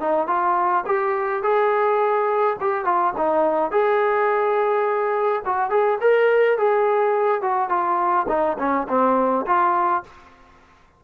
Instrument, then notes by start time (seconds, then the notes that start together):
trombone
0.00 D#4
0.27 F4
0.86 G4
1.42 G#4
2.60 G4
2.85 F4
3.17 D#4
3.71 G#4
5.45 F#4
5.70 G#4
6.01 A#4
6.58 G#4
7.41 F#4
7.69 F4
8.28 D#4
8.58 C#4
8.88 C4
9.46 F4